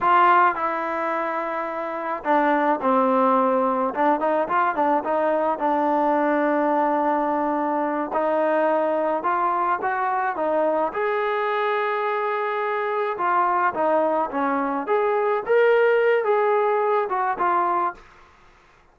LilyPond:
\new Staff \with { instrumentName = "trombone" } { \time 4/4 \tempo 4 = 107 f'4 e'2. | d'4 c'2 d'8 dis'8 | f'8 d'8 dis'4 d'2~ | d'2~ d'8 dis'4.~ |
dis'8 f'4 fis'4 dis'4 gis'8~ | gis'2.~ gis'8 f'8~ | f'8 dis'4 cis'4 gis'4 ais'8~ | ais'4 gis'4. fis'8 f'4 | }